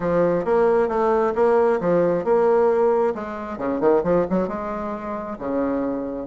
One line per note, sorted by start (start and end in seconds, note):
0.00 0.45 F3
0.45 0.88 A#3
0.88 1.33 A3
1.35 1.80 A#3
1.80 2.24 F3
2.24 3.13 A#3
3.14 3.58 G#3
3.58 3.80 C#3
3.80 4.02 D#3
4.03 4.25 F3
4.30 4.48 F#3
4.48 5.37 G#3
5.39 6.27 C#3